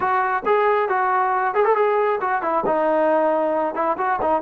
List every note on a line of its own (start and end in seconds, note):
0.00 0.43 F#4
0.45 0.88 G#4
0.88 1.54 F#4
1.54 1.64 G#4
1.64 1.75 A4
1.75 2.19 G#4
2.21 2.42 F#4
2.42 2.64 E4
2.66 3.74 D#4
3.74 3.96 E4
3.97 4.19 F#4
4.21 4.41 D#4